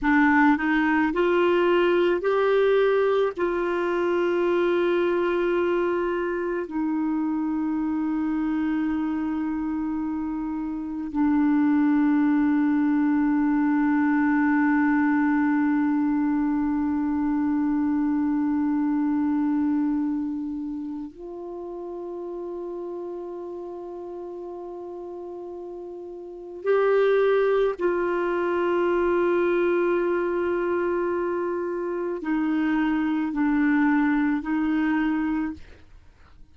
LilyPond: \new Staff \with { instrumentName = "clarinet" } { \time 4/4 \tempo 4 = 54 d'8 dis'8 f'4 g'4 f'4~ | f'2 dis'2~ | dis'2 d'2~ | d'1~ |
d'2. f'4~ | f'1 | g'4 f'2.~ | f'4 dis'4 d'4 dis'4 | }